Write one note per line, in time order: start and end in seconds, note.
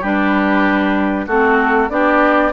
0.00 1.26 G3
0.00 1.28 D4
0.00 1.25 G4
0.00 1.28 B4
1.26 1.89 A3
1.26 1.89 C4
1.26 1.89 F#4
1.26 1.90 A4
1.89 2.52 B3
1.89 2.52 D4
1.89 2.52 G4
1.89 2.52 D5